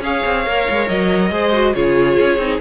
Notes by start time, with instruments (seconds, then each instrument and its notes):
0.00 cello C#4, viola G#4, violin C#5 F5
0.25 cello C4
0.46 cello A#3, viola A#4
0.70 cello G#3
0.88 cello F#3, violin D#5
1.31 cello G#3, viola G#4, violin C5
1.52 viola F#4
1.74 cello C#3, viola F4, violin G#4 C#5
2.19 cello C#4
2.38 cello C4, viola D#4